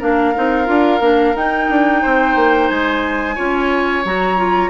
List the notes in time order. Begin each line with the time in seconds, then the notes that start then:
0.00 A#3 D4 A#4 F5
0.35 C4 D#4
0.66 D4 F4
1.00 A#3 D4
1.36 D#4 G5
1.69 D4
2.02 C4 C5
2.36 A#3
2.69 G#3 G#5
3.35 C#4 F4 C#5
4.05 F#3 F#4 A#5
4.37 F4